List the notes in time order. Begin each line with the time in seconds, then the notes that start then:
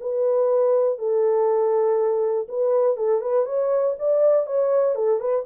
0.00 B4
0.98 A4
2.48 B4
2.97 A4
3.21 B4
3.46 C#5
3.99 D5
4.46 C#5
4.95 A4
5.20 B4